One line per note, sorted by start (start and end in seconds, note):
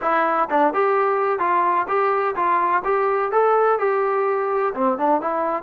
0.01 0.49 E4
0.49 0.73 D4
0.73 1.39 G4
1.39 1.86 F4
1.88 2.35 G4
2.35 2.82 F4
2.84 3.31 G4
3.31 3.79 A4
3.79 4.73 G4
4.74 4.97 C4
4.97 5.21 D4
5.21 5.63 E4